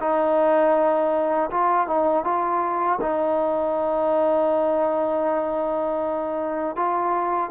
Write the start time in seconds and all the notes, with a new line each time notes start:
0.00 D#4
1.51 F4
1.87 D#4
2.24 F4
3.01 D#4
6.76 F4